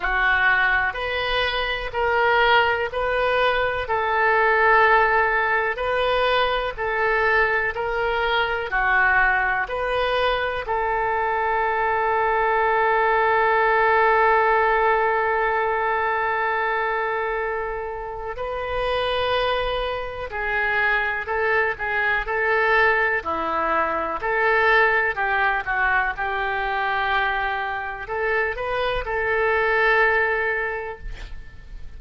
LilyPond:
\new Staff \with { instrumentName = "oboe" } { \time 4/4 \tempo 4 = 62 fis'4 b'4 ais'4 b'4 | a'2 b'4 a'4 | ais'4 fis'4 b'4 a'4~ | a'1~ |
a'2. b'4~ | b'4 gis'4 a'8 gis'8 a'4 | e'4 a'4 g'8 fis'8 g'4~ | g'4 a'8 b'8 a'2 | }